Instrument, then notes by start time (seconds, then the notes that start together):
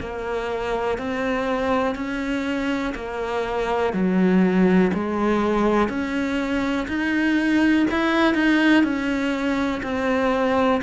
cello
0.00 A#3
0.98 C4
1.95 C#4
2.95 A#3
3.93 F#3
4.94 G#3
5.89 C#4
6.88 D#4
7.91 E4
8.34 D#4
8.83 C#4
9.83 C4